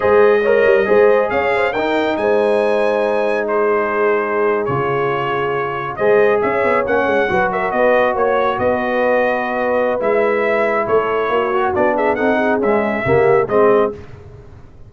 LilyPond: <<
  \new Staff \with { instrumentName = "trumpet" } { \time 4/4 \tempo 4 = 138 dis''2. f''4 | g''4 gis''2. | c''2~ c''8. cis''4~ cis''16~ | cis''4.~ cis''16 dis''4 e''4 fis''16~ |
fis''4~ fis''16 e''8 dis''4 cis''4 dis''16~ | dis''2. e''4~ | e''4 cis''2 d''8 e''8 | fis''4 e''2 dis''4 | }
  \new Staff \with { instrumentName = "horn" } { \time 4/4 c''4 cis''4 c''4 cis''8 c''8 | ais'4 c''2. | gis'1~ | gis'4.~ gis'16 c''4 cis''4~ cis''16~ |
cis''8. b'8 ais'8 b'4 cis''4 b'16~ | b'1~ | b'4 a'4 fis'4. gis'8 | a'8 gis'4. g'4 gis'4 | }
  \new Staff \with { instrumentName = "trombone" } { \time 4/4 gis'4 ais'4 gis'2 | dis'1~ | dis'2~ dis'8. f'4~ f'16~ | f'4.~ f'16 gis'2 cis'16~ |
cis'8. fis'2.~ fis'16~ | fis'2. e'4~ | e'2~ e'8 fis'8 d'4 | dis'4 gis4 ais4 c'4 | }
  \new Staff \with { instrumentName = "tuba" } { \time 4/4 gis4. g8 gis4 cis'4 | dis'4 gis2.~ | gis2~ gis8. cis4~ cis16~ | cis4.~ cis16 gis4 cis'8 b8 ais16~ |
ais16 gis8 fis4 b4 ais4 b16~ | b2. gis4~ | gis4 a4 ais4 b4 | c'4 cis'4 cis4 gis4 | }
>>